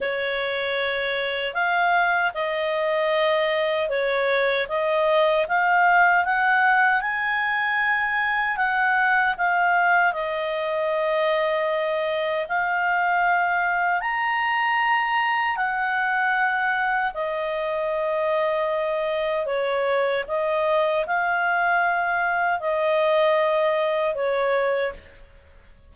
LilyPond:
\new Staff \with { instrumentName = "clarinet" } { \time 4/4 \tempo 4 = 77 cis''2 f''4 dis''4~ | dis''4 cis''4 dis''4 f''4 | fis''4 gis''2 fis''4 | f''4 dis''2. |
f''2 ais''2 | fis''2 dis''2~ | dis''4 cis''4 dis''4 f''4~ | f''4 dis''2 cis''4 | }